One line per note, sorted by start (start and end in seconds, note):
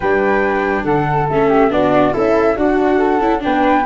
0.00 0.84 G3
0.00 1.30 D4
0.00 0.83 B4
0.00 0.84 G5
0.84 1.27 D3
0.84 1.48 A4
0.84 1.27 F#5
1.29 1.70 A3
1.29 1.70 C#4
1.29 1.72 E5
1.48 1.69 G4
1.70 2.13 B3
1.70 2.13 D4
1.70 2.13 F#4
1.70 2.14 D5
2.13 2.56 C#4
2.13 2.56 E4
2.13 2.56 A4
2.13 2.57 E5
2.56 3.20 D4
2.56 2.97 D4
2.56 3.20 F#4
2.56 3.42 F#5
2.97 3.40 A4
3.20 3.41 C#4
3.20 3.39 E4
3.39 3.82 D4
3.39 3.86 B4
3.39 3.86 G5
3.46 3.86 B3